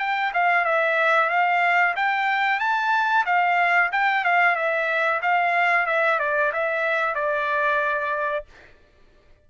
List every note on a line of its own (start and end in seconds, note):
0.00 0.33 G5
0.34 0.65 F5
0.65 1.30 E5
1.30 1.95 F5
1.96 2.60 G5
2.60 3.25 A5
3.26 3.91 F5
3.92 4.25 G5
4.25 4.56 F5
4.56 5.21 E5
5.23 5.87 F5
5.87 6.20 E5
6.20 6.52 D5
6.53 7.15 E5
7.15 8.46 D5